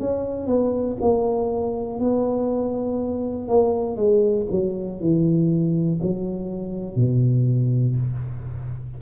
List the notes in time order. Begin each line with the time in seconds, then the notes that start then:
0.00 C#4
0.47 B3
1.01 A#3
2.00 B3
3.49 A#3
3.96 G#3
4.51 F#3
5.00 E3
6.02 F#3
6.96 B2